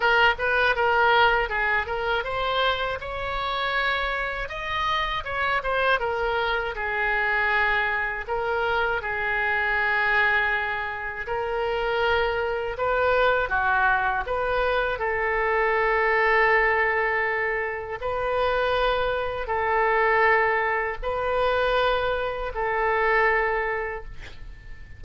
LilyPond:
\new Staff \with { instrumentName = "oboe" } { \time 4/4 \tempo 4 = 80 ais'8 b'8 ais'4 gis'8 ais'8 c''4 | cis''2 dis''4 cis''8 c''8 | ais'4 gis'2 ais'4 | gis'2. ais'4~ |
ais'4 b'4 fis'4 b'4 | a'1 | b'2 a'2 | b'2 a'2 | }